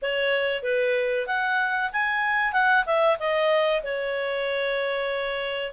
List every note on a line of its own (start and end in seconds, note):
0.01 0.62 C#5
0.62 1.26 B4
1.26 1.90 F#5
1.92 2.52 G#5
2.52 2.84 F#5
2.86 3.18 E5
3.19 3.82 D#5
3.83 5.72 C#5